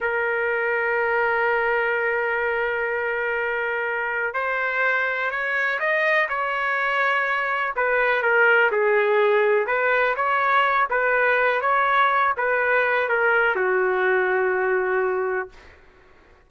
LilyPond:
\new Staff \with { instrumentName = "trumpet" } { \time 4/4 \tempo 4 = 124 ais'1~ | ais'1~ | ais'4 c''2 cis''4 | dis''4 cis''2. |
b'4 ais'4 gis'2 | b'4 cis''4. b'4. | cis''4. b'4. ais'4 | fis'1 | }